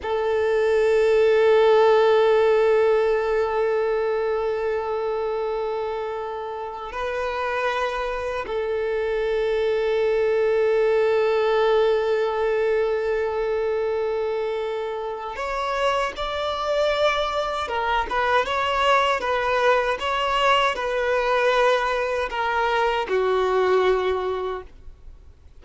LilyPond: \new Staff \with { instrumentName = "violin" } { \time 4/4 \tempo 4 = 78 a'1~ | a'1~ | a'4 b'2 a'4~ | a'1~ |
a'1 | cis''4 d''2 ais'8 b'8 | cis''4 b'4 cis''4 b'4~ | b'4 ais'4 fis'2 | }